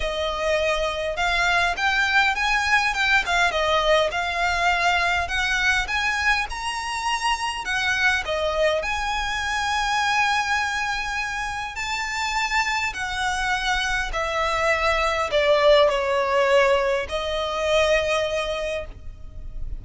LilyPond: \new Staff \with { instrumentName = "violin" } { \time 4/4 \tempo 4 = 102 dis''2 f''4 g''4 | gis''4 g''8 f''8 dis''4 f''4~ | f''4 fis''4 gis''4 ais''4~ | ais''4 fis''4 dis''4 gis''4~ |
gis''1 | a''2 fis''2 | e''2 d''4 cis''4~ | cis''4 dis''2. | }